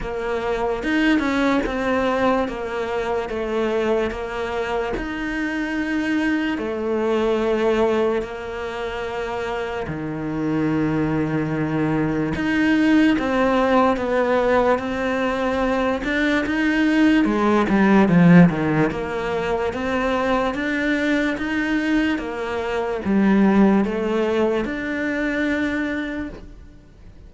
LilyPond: \new Staff \with { instrumentName = "cello" } { \time 4/4 \tempo 4 = 73 ais4 dis'8 cis'8 c'4 ais4 | a4 ais4 dis'2 | a2 ais2 | dis2. dis'4 |
c'4 b4 c'4. d'8 | dis'4 gis8 g8 f8 dis8 ais4 | c'4 d'4 dis'4 ais4 | g4 a4 d'2 | }